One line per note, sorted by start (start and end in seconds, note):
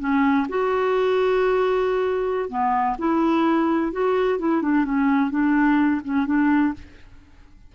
0.00 0.47 C#4
0.49 2.50 F#4
2.50 2.97 B3
2.99 3.93 E4
3.93 4.40 F#4
4.40 4.62 E4
4.62 4.86 D4
4.86 5.31 C#4
5.31 6.02 D4
6.05 6.27 C#4
6.27 6.74 D4